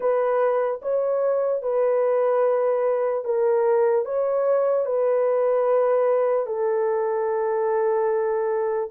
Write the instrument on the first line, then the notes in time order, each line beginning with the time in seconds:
horn
0.00 B4
0.81 C#5
1.62 B4
3.24 A#4
4.05 C#5
4.85 B4
6.46 A4